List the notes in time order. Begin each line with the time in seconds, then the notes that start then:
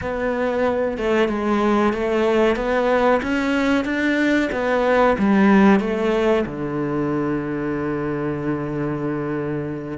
0.01 B3
0.97 A3
1.28 G#3
1.93 A3
2.56 B3
3.22 C#4
3.84 D4
4.52 B3
5.18 G3
5.80 A3
6.46 D3